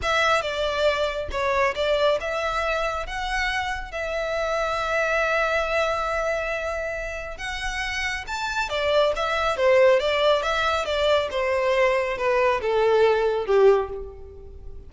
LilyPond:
\new Staff \with { instrumentName = "violin" } { \time 4/4 \tempo 4 = 138 e''4 d''2 cis''4 | d''4 e''2 fis''4~ | fis''4 e''2.~ | e''1~ |
e''4 fis''2 a''4 | d''4 e''4 c''4 d''4 | e''4 d''4 c''2 | b'4 a'2 g'4 | }